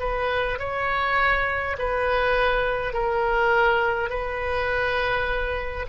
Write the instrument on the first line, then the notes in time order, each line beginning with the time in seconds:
oboe
0.00 B4
0.59 C#5
1.79 B4
2.94 A#4
4.10 B4